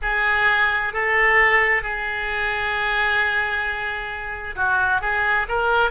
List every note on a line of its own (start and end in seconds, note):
0.02 0.93 G#4
0.93 1.82 A4
1.82 4.55 G#4
4.55 5.01 F#4
5.01 5.46 G#4
5.48 5.90 A#4